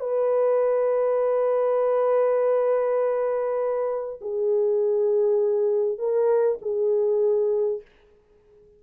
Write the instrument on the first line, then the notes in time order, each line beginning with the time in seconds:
horn
0.00 B4
4.21 G#4
5.99 A#4
6.62 G#4